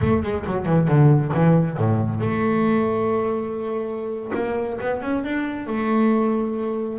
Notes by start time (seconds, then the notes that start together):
0.01 A3
0.23 G#3
0.46 F#3
0.65 E3
0.88 D3
1.33 E3
1.77 A2
2.20 A3
4.34 A#3
4.80 B3
5.01 C#4
5.24 D4
5.66 A3